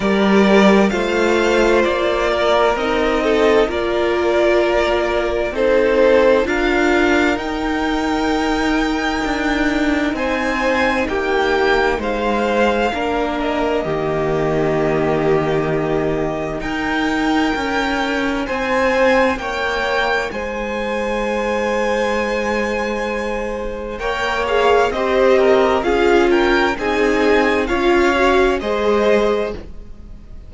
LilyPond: <<
  \new Staff \with { instrumentName = "violin" } { \time 4/4 \tempo 4 = 65 d''4 f''4 d''4 dis''4 | d''2 c''4 f''4 | g''2. gis''4 | g''4 f''4. dis''4.~ |
dis''2 g''2 | gis''4 g''4 gis''2~ | gis''2 g''8 f''8 dis''4 | f''8 g''8 gis''4 f''4 dis''4 | }
  \new Staff \with { instrumentName = "violin" } { \time 4/4 ais'4 c''4. ais'4 a'8 | ais'2 a'4 ais'4~ | ais'2. c''4 | g'4 c''4 ais'4 g'4~ |
g'2 ais'2 | c''4 cis''4 c''2~ | c''2 cis''4 c''8 ais'8 | gis'8 ais'8 gis'4 cis''4 c''4 | }
  \new Staff \with { instrumentName = "viola" } { \time 4/4 g'4 f'2 dis'4 | f'2 dis'4 f'4 | dis'1~ | dis'2 d'4 ais4~ |
ais2 dis'2~ | dis'1~ | dis'2 ais'8 gis'8 g'4 | f'4 dis'4 f'8 fis'8 gis'4 | }
  \new Staff \with { instrumentName = "cello" } { \time 4/4 g4 a4 ais4 c'4 | ais2 c'4 d'4 | dis'2 d'4 c'4 | ais4 gis4 ais4 dis4~ |
dis2 dis'4 cis'4 | c'4 ais4 gis2~ | gis2 ais4 c'4 | cis'4 c'4 cis'4 gis4 | }
>>